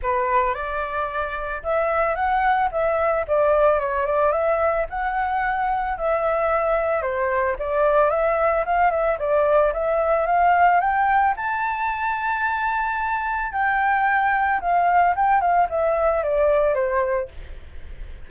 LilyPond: \new Staff \with { instrumentName = "flute" } { \time 4/4 \tempo 4 = 111 b'4 d''2 e''4 | fis''4 e''4 d''4 cis''8 d''8 | e''4 fis''2 e''4~ | e''4 c''4 d''4 e''4 |
f''8 e''8 d''4 e''4 f''4 | g''4 a''2.~ | a''4 g''2 f''4 | g''8 f''8 e''4 d''4 c''4 | }